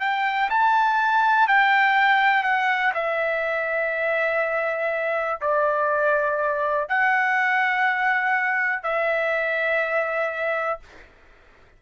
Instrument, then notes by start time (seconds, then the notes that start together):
trumpet
0.00 G5
0.50 A5
1.48 G5
2.43 F#5
2.94 E5
5.41 D5
6.89 F#5
8.83 E5